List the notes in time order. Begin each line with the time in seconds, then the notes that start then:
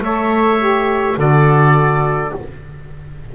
0.00 A3 A4 C#5 E5
0.59 G4
1.16 D3 F#4 A4 D5